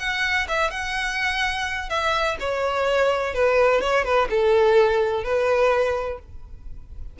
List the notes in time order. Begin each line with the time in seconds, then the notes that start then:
0.00 F#5
0.48 E5
0.71 F#5
1.90 E5
2.40 C#5
3.35 B4
3.81 C#5
4.05 B4
4.30 A4
5.24 B4